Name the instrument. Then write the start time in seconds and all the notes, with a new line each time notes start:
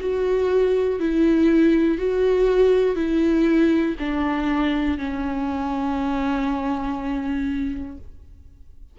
viola
0.00 F#4
0.99 E4
1.98 F#4
2.95 E4
3.99 D4
4.98 C#4